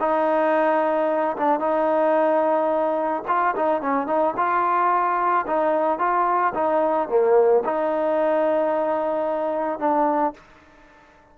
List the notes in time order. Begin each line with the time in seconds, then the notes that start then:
0.00 D#4
1.37 D4
1.59 D#4
3.28 F4
3.56 D#4
3.82 C#4
4.07 D#4
4.37 F4
5.47 D#4
5.99 F4
6.54 D#4
7.09 A#3
7.65 D#4
9.79 D4